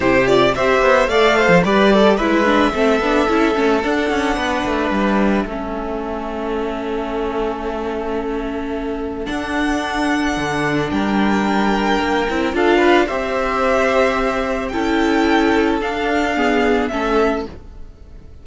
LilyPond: <<
  \new Staff \with { instrumentName = "violin" } { \time 4/4 \tempo 4 = 110 c''8 d''8 e''4 f''4 d''4 | e''2. fis''4~ | fis''4 e''2.~ | e''1~ |
e''4 fis''2. | g''2. f''4 | e''2. g''4~ | g''4 f''2 e''4 | }
  \new Staff \with { instrumentName = "violin" } { \time 4/4 g'4 c''4 d''8 c''8 b'8 a'8 | b'4 a'2. | b'2 a'2~ | a'1~ |
a'1 | ais'2. a'8 b'8 | c''2. a'4~ | a'2 gis'4 a'4 | }
  \new Staff \with { instrumentName = "viola" } { \time 4/4 e'8 f'8 g'4 a'4 g'4 | e'8 d'8 c'8 d'8 e'8 cis'8 d'4~ | d'2 cis'2~ | cis'1~ |
cis'4 d'2.~ | d'2~ d'8 e'8 f'4 | g'2. e'4~ | e'4 d'4 b4 cis'4 | }
  \new Staff \with { instrumentName = "cello" } { \time 4/4 c4 c'8 b8 a8. f16 g4 | gis4 a8 b8 cis'8 a8 d'8 cis'8 | b8 a8 g4 a2~ | a1~ |
a4 d'2 d4 | g2 ais8 c'8 d'4 | c'2. cis'4~ | cis'4 d'2 a4 | }
>>